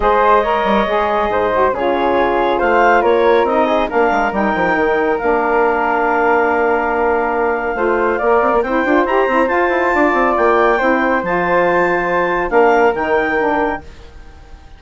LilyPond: <<
  \new Staff \with { instrumentName = "clarinet" } { \time 4/4 \tempo 4 = 139 dis''1 | cis''2 f''4 cis''4 | dis''4 f''4 g''2 | f''1~ |
f''1 | g''4 ais''4 a''2 | g''2 a''2~ | a''4 f''4 g''2 | }
  \new Staff \with { instrumentName = "flute" } { \time 4/4 c''4 cis''2 c''4 | gis'2 c''4 ais'4~ | ais'8 gis'8 ais'2.~ | ais'1~ |
ais'2 c''4 d''4 | c''2. d''4~ | d''4 c''2.~ | c''4 ais'2. | }
  \new Staff \with { instrumentName = "saxophone" } { \time 4/4 gis'4 ais'4 gis'4. fis'8 | f'1 | dis'4 d'4 dis'2 | d'1~ |
d'2 f'4 ais'4 | e'8 f'8 g'8 e'8 f'2~ | f'4 e'4 f'2~ | f'4 d'4 dis'4 d'4 | }
  \new Staff \with { instrumentName = "bassoon" } { \time 4/4 gis4. g8 gis4 gis,4 | cis2 a4 ais4 | c'4 ais8 gis8 g8 f8 dis4 | ais1~ |
ais2 a4 ais8 c'16 ais16 | c'8 d'8 e'8 c'8 f'8 e'8 d'8 c'8 | ais4 c'4 f2~ | f4 ais4 dis2 | }
>>